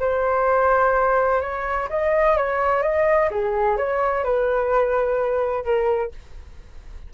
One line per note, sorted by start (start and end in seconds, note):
0.00 1.42 C5
1.42 1.89 C#5
1.90 2.37 D#5
2.37 2.82 C#5
2.82 3.30 D#5
3.31 3.77 G#4
3.77 4.24 C#5
4.24 5.65 B4
5.65 6.12 A#4